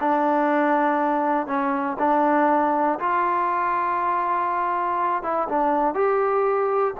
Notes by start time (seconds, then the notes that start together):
0.00 D4
1.47 C#4
1.99 D4
2.99 F4
5.23 E4
5.49 D4
5.95 G4